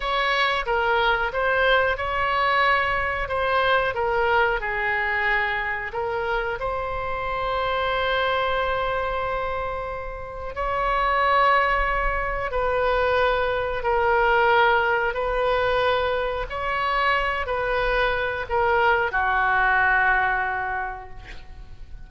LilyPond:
\new Staff \with { instrumentName = "oboe" } { \time 4/4 \tempo 4 = 91 cis''4 ais'4 c''4 cis''4~ | cis''4 c''4 ais'4 gis'4~ | gis'4 ais'4 c''2~ | c''1 |
cis''2. b'4~ | b'4 ais'2 b'4~ | b'4 cis''4. b'4. | ais'4 fis'2. | }